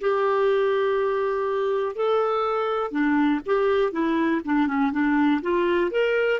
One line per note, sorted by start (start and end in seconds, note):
0.00 1.95 G4
1.95 2.91 A4
2.91 3.40 D4
3.46 3.92 G4
3.92 4.41 E4
4.44 4.67 D4
4.67 4.91 C#4
4.92 5.41 D4
5.42 5.91 F4
5.91 6.40 A#4